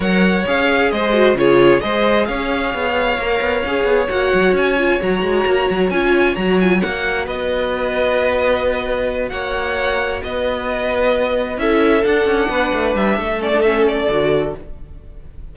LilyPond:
<<
  \new Staff \with { instrumentName = "violin" } { \time 4/4 \tempo 4 = 132 fis''4 f''4 dis''4 cis''4 | dis''4 f''2.~ | f''4 fis''4 gis''4 ais''4~ | ais''4 gis''4 ais''8 gis''8 fis''4 |
dis''1~ | dis''8 fis''2 dis''4.~ | dis''4. e''4 fis''4.~ | fis''8 e''4 d''8 e''8 d''4. | }
  \new Staff \with { instrumentName = "violin" } { \time 4/4 cis''2 c''4 gis'4 | c''4 cis''2.~ | cis''1~ | cis''1 |
b'1~ | b'8 cis''2 b'4.~ | b'4. a'2 b'8~ | b'4 a'2. | }
  \new Staff \with { instrumentName = "viola" } { \time 4/4 ais'4 gis'4. fis'8 f'4 | gis'2. ais'4 | gis'4 fis'4. f'8 fis'4~ | fis'4 f'4 fis'8 f'8 fis'4~ |
fis'1~ | fis'1~ | fis'4. e'4 d'4.~ | d'4. cis'16 d'16 cis'4 fis'4 | }
  \new Staff \with { instrumentName = "cello" } { \time 4/4 fis4 cis'4 gis4 cis4 | gis4 cis'4 b4 ais8 b8 | cis'8 b8 ais8 fis8 cis'4 fis8 gis8 | ais8 fis8 cis'4 fis4 ais4 |
b1~ | b8 ais2 b4.~ | b4. cis'4 d'8 cis'8 b8 | a8 g8 a2 d4 | }
>>